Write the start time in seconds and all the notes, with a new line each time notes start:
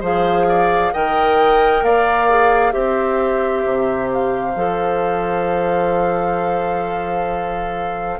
0.00 F3 G#4 C5 F5
0.49 D5
0.93 D#3 A#4 D#5 G5
1.82 A#3 D5 F5
2.29 G#4
2.72 C4 G4 C5 E5
3.65 C3
4.13 F5
4.55 F3 A4